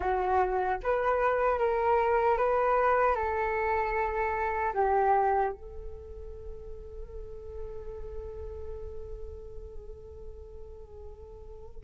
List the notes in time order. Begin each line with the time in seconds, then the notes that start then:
0.00 F#4
0.83 B4
1.58 A#4
2.37 B4
3.15 A4
4.73 G4
5.52 A4